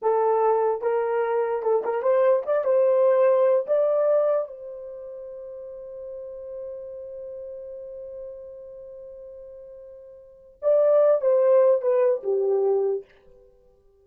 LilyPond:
\new Staff \with { instrumentName = "horn" } { \time 4/4 \tempo 4 = 147 a'2 ais'2 | a'8 ais'8 c''4 d''8 c''4.~ | c''4 d''2 c''4~ | c''1~ |
c''1~ | c''1~ | c''2 d''4. c''8~ | c''4 b'4 g'2 | }